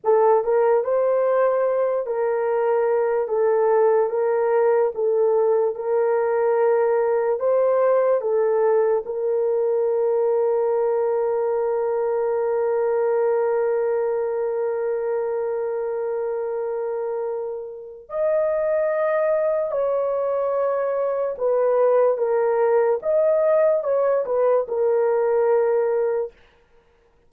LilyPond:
\new Staff \with { instrumentName = "horn" } { \time 4/4 \tempo 4 = 73 a'8 ais'8 c''4. ais'4. | a'4 ais'4 a'4 ais'4~ | ais'4 c''4 a'4 ais'4~ | ais'1~ |
ais'1~ | ais'2 dis''2 | cis''2 b'4 ais'4 | dis''4 cis''8 b'8 ais'2 | }